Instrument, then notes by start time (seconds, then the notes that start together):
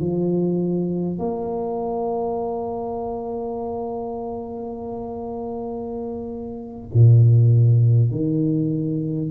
tuba
0.00 F3
1.19 A#3
6.94 A#2
8.11 D#3